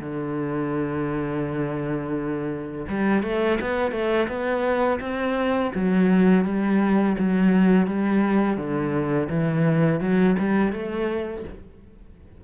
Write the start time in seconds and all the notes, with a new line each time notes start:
0.00 D3
2.89 G3
3.23 A3
3.61 B3
3.92 A3
4.28 B3
5.00 C4
5.75 F#3
6.45 G3
7.18 F#3
7.87 G3
8.57 D3
9.29 E3
10.00 F#3
10.39 G3
10.72 A3